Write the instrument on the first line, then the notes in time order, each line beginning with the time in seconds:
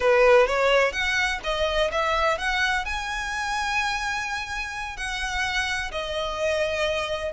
violin
0.00 B4
0.46 C#5
0.92 F#5
1.43 D#5
1.91 E5
2.38 F#5
2.85 G#5
4.96 F#5
5.91 D#5